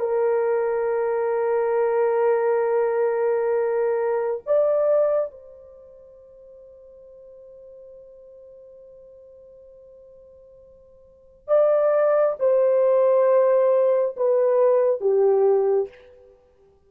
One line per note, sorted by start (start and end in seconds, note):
0.00 4.41 A#4
4.46 5.31 D5
5.31 11.48 C5
11.48 12.36 D5
12.39 14.16 C5
14.17 15.01 B4
15.01 15.89 G4